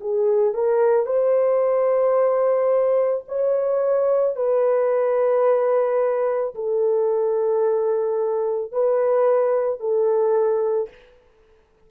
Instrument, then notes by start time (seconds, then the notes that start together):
horn
0.00 G#4
0.54 A#4
1.06 C5
3.28 C#5
4.36 B4
6.55 A4
8.71 B4
9.80 A4